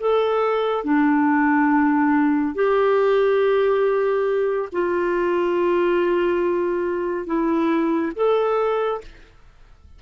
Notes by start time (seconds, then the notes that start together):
0.00 A4
0.84 D4
2.55 G4
4.72 F4
7.27 E4
8.15 A4